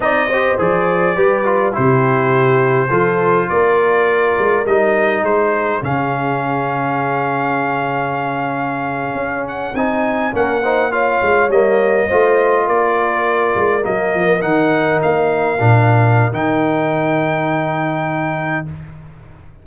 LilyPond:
<<
  \new Staff \with { instrumentName = "trumpet" } { \time 4/4 \tempo 4 = 103 dis''4 d''2 c''4~ | c''2 d''2 | dis''4 c''4 f''2~ | f''1~ |
f''16 fis''8 gis''4 fis''4 f''4 dis''16~ | dis''4.~ dis''16 d''2 dis''16~ | dis''8. fis''4 f''2~ f''16 | g''1 | }
  \new Staff \with { instrumentName = "horn" } { \time 4/4 d''8 c''4. b'4 g'4~ | g'4 a'4 ais'2~ | ais'4 gis'2.~ | gis'1~ |
gis'4.~ gis'16 ais'8 c''8 cis''4~ cis''16~ | cis''8. c''4 ais'2~ ais'16~ | ais'1~ | ais'1 | }
  \new Staff \with { instrumentName = "trombone" } { \time 4/4 dis'8 g'8 gis'4 g'8 f'8 e'4~ | e'4 f'2. | dis'2 cis'2~ | cis'1~ |
cis'8. dis'4 cis'8 dis'8 f'4 ais16~ | ais8. f'2. ais16~ | ais8. dis'2 d'4~ d'16 | dis'1 | }
  \new Staff \with { instrumentName = "tuba" } { \time 4/4 c'4 f4 g4 c4~ | c4 f4 ais4. gis8 | g4 gis4 cis2~ | cis2.~ cis8. cis'16~ |
cis'8. c'4 ais4. gis8 g16~ | g8. a4 ais4. gis8 fis16~ | fis16 f8 dis4 ais4 ais,4~ ais,16 | dis1 | }
>>